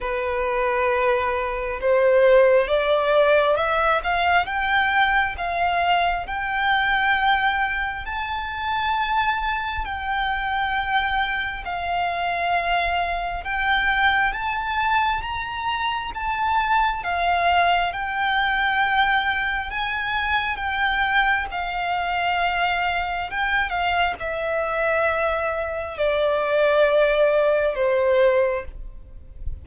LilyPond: \new Staff \with { instrumentName = "violin" } { \time 4/4 \tempo 4 = 67 b'2 c''4 d''4 | e''8 f''8 g''4 f''4 g''4~ | g''4 a''2 g''4~ | g''4 f''2 g''4 |
a''4 ais''4 a''4 f''4 | g''2 gis''4 g''4 | f''2 g''8 f''8 e''4~ | e''4 d''2 c''4 | }